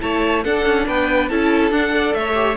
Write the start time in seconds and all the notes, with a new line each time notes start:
0.00 A3 E4 C#5 A5
0.43 D4 A4 F#5
0.66 C#4
0.87 B3 B4 G5
1.28 C#4 E4 A4 A5
1.71 D4 F#5
1.90 A4 D5
2.14 A3 C#5 E5
2.35 G4